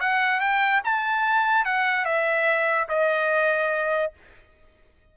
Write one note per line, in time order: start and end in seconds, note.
0.00 0.40 F#5
0.40 0.81 G5
0.84 1.65 A5
1.65 2.05 F#5
2.05 2.88 E5
2.88 4.12 D#5